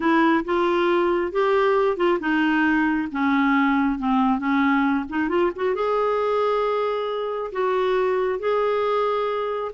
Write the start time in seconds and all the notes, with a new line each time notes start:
0.00 E4
0.45 F4
1.32 G4
1.96 F4
2.20 D#4
3.11 C#4
3.98 C4
4.38 C#4
5.09 D#4
5.29 F4
5.55 F#4
5.74 G#4
7.51 F#4
8.39 G#4